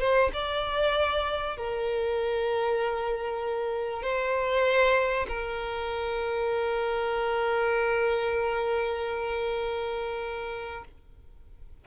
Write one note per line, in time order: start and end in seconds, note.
0.00 0.31 C5
0.34 1.57 D5
1.57 4.03 A#4
4.03 5.27 C5
5.28 10.85 A#4